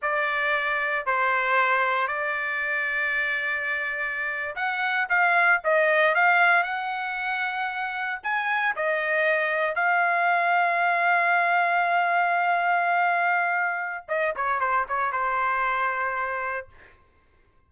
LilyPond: \new Staff \with { instrumentName = "trumpet" } { \time 4/4 \tempo 4 = 115 d''2 c''2 | d''1~ | d''8. fis''4 f''4 dis''4 f''16~ | f''8. fis''2. gis''16~ |
gis''8. dis''2 f''4~ f''16~ | f''1~ | f''2. dis''8 cis''8 | c''8 cis''8 c''2. | }